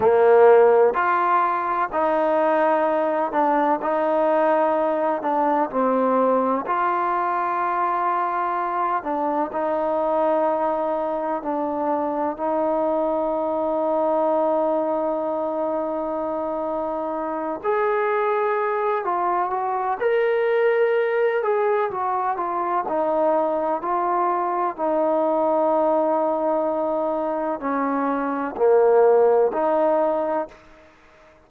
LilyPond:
\new Staff \with { instrumentName = "trombone" } { \time 4/4 \tempo 4 = 63 ais4 f'4 dis'4. d'8 | dis'4. d'8 c'4 f'4~ | f'4. d'8 dis'2 | d'4 dis'2.~ |
dis'2~ dis'8 gis'4. | f'8 fis'8 ais'4. gis'8 fis'8 f'8 | dis'4 f'4 dis'2~ | dis'4 cis'4 ais4 dis'4 | }